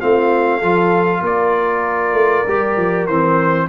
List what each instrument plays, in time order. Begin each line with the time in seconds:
0.00 tuba A3, trombone C4, horn F4, trumpet F5
0.58 tuba F3, trombone F4, horn A4
1.21 tuba A#3, horn A#4, trumpet D5
2.13 tuba A3
2.47 tuba G3, trombone G4
2.76 tuba F3
3.06 tuba E3, trombone C4, trumpet C5